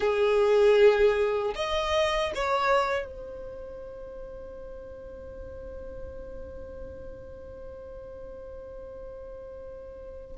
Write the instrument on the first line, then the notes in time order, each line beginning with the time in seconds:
violin
0.00 G#4
1.55 D#5
2.34 C#5
3.05 C5